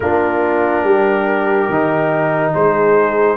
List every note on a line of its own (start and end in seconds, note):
0.00 0.83 A#3
0.00 1.70 D4
0.00 0.83 F4
0.00 2.53 A#4
0.83 1.67 G3
0.83 2.52 G4
1.69 2.53 D#3
1.69 3.36 D#4
2.54 3.36 G#3
2.54 3.36 G#4
2.54 3.36 C5